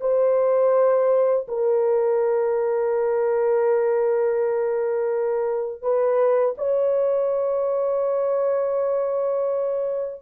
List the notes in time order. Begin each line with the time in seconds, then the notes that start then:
0.00 C5
1.48 A#4
5.82 B4
6.57 C#5